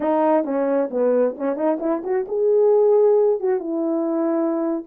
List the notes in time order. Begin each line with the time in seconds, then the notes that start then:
0.00 D#4
0.44 C#4
0.90 B3
1.37 C#4
1.55 D#4
1.80 E4
2.03 F#4
2.28 G#4
3.40 F#4
3.59 E4